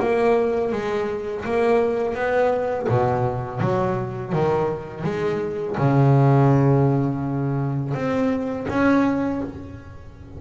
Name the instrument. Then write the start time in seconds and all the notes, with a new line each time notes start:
double bass
0.00 A#3
0.73 G#3
1.45 A#3
2.15 B3
2.89 B2
3.60 F#3
4.33 D#3
5.04 G#3
5.78 C#3
7.95 C4
8.69 C#4